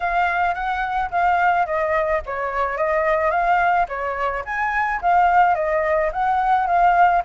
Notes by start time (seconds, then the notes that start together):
0.00 F5
0.54 F#5
1.10 F5
1.66 D#5
2.26 C#5
2.77 D#5
3.31 F5
3.88 C#5
4.44 G#5
5.01 F5
5.54 D#5
6.12 F#5
6.66 F5